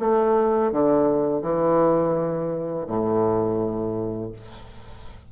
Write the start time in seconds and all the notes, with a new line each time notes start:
0.00 A3
0.72 D3
1.43 E3
2.88 A2